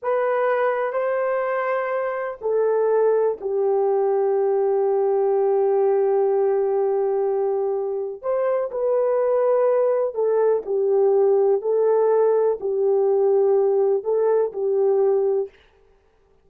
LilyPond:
\new Staff \with { instrumentName = "horn" } { \time 4/4 \tempo 4 = 124 b'2 c''2~ | c''4 a'2 g'4~ | g'1~ | g'1~ |
g'4 c''4 b'2~ | b'4 a'4 g'2 | a'2 g'2~ | g'4 a'4 g'2 | }